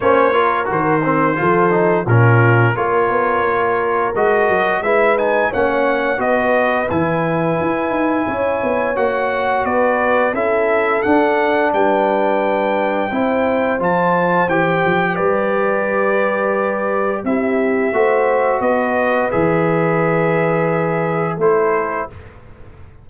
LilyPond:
<<
  \new Staff \with { instrumentName = "trumpet" } { \time 4/4 \tempo 4 = 87 cis''4 c''2 ais'4 | cis''2 dis''4 e''8 gis''8 | fis''4 dis''4 gis''2~ | gis''4 fis''4 d''4 e''4 |
fis''4 g''2. | a''4 g''4 d''2~ | d''4 e''2 dis''4 | e''2. c''4 | }
  \new Staff \with { instrumentName = "horn" } { \time 4/4 c''8 ais'4. a'4 f'4 | ais'2. b'4 | cis''4 b'2. | cis''2 b'4 a'4~ |
a'4 b'2 c''4~ | c''2 b'2~ | b'4 g'4 c''4 b'4~ | b'2. a'4 | }
  \new Staff \with { instrumentName = "trombone" } { \time 4/4 cis'8 f'8 fis'8 c'8 f'8 dis'8 cis'4 | f'2 fis'4 e'8 dis'8 | cis'4 fis'4 e'2~ | e'4 fis'2 e'4 |
d'2. e'4 | f'4 g'2.~ | g'4 e'4 fis'2 | gis'2. e'4 | }
  \new Staff \with { instrumentName = "tuba" } { \time 4/4 ais4 dis4 f4 ais,4 | ais8 b8 ais4 gis8 fis8 gis4 | ais4 b4 e4 e'8 dis'8 | cis'8 b8 ais4 b4 cis'4 |
d'4 g2 c'4 | f4 e8 f8 g2~ | g4 c'4 a4 b4 | e2. a4 | }
>>